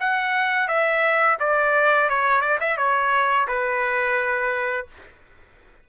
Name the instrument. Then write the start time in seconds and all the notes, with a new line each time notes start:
trumpet
0.00 F#5
0.68 E5
1.40 D5
2.09 C#5
2.41 D5
2.60 E5
2.77 C#5
3.47 B4